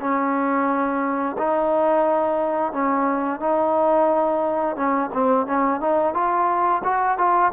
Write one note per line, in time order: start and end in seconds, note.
0.00 1.36 C#4
1.38 2.72 D#4
2.72 3.40 C#4
3.40 4.76 D#4
4.76 5.10 C#4
5.13 5.46 C4
5.46 5.80 C#4
5.80 6.14 D#4
6.14 6.82 F4
6.84 7.18 F#4
7.18 7.52 F4